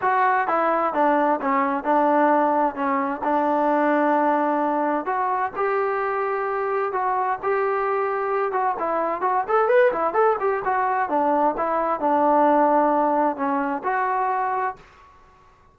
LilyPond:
\new Staff \with { instrumentName = "trombone" } { \time 4/4 \tempo 4 = 130 fis'4 e'4 d'4 cis'4 | d'2 cis'4 d'4~ | d'2. fis'4 | g'2. fis'4 |
g'2~ g'8 fis'8 e'4 | fis'8 a'8 b'8 e'8 a'8 g'8 fis'4 | d'4 e'4 d'2~ | d'4 cis'4 fis'2 | }